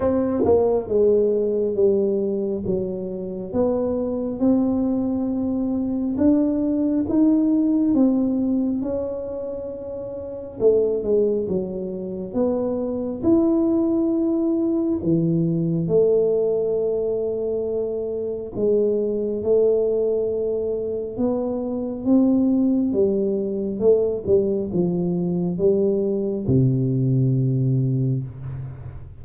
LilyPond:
\new Staff \with { instrumentName = "tuba" } { \time 4/4 \tempo 4 = 68 c'8 ais8 gis4 g4 fis4 | b4 c'2 d'4 | dis'4 c'4 cis'2 | a8 gis8 fis4 b4 e'4~ |
e'4 e4 a2~ | a4 gis4 a2 | b4 c'4 g4 a8 g8 | f4 g4 c2 | }